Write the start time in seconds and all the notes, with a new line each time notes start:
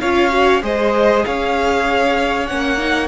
0.00 C#4 F4 C#5 F5
0.30 F#4
0.62 G#3 G#4 C5 D#5
1.25 C#4 C#5 F5
2.46 A#3 C#4 F#5
2.77 D#4